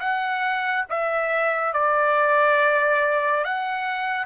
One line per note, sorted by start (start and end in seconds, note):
0.00 0.86 F#5
0.90 1.73 E5
1.73 3.45 D5
3.45 4.26 F#5